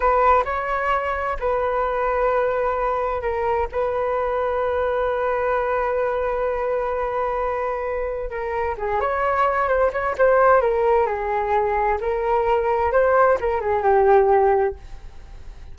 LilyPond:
\new Staff \with { instrumentName = "flute" } { \time 4/4 \tempo 4 = 130 b'4 cis''2 b'4~ | b'2. ais'4 | b'1~ | b'1~ |
b'2 ais'4 gis'8 cis''8~ | cis''4 c''8 cis''8 c''4 ais'4 | gis'2 ais'2 | c''4 ais'8 gis'8 g'2 | }